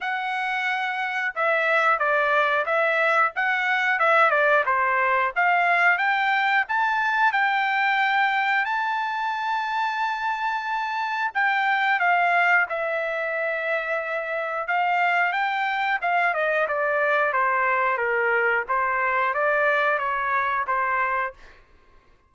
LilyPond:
\new Staff \with { instrumentName = "trumpet" } { \time 4/4 \tempo 4 = 90 fis''2 e''4 d''4 | e''4 fis''4 e''8 d''8 c''4 | f''4 g''4 a''4 g''4~ | g''4 a''2.~ |
a''4 g''4 f''4 e''4~ | e''2 f''4 g''4 | f''8 dis''8 d''4 c''4 ais'4 | c''4 d''4 cis''4 c''4 | }